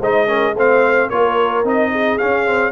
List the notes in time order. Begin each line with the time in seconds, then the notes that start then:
0.00 G#3 D#4 C5 D#5
0.27 C#4 A#4
0.55 A3 C4 C5 F5
1.09 A#3 F4 A#4 C#5
1.64 C4 D#4 D#5
1.92 G#4
2.18 C#4 F5
2.46 C4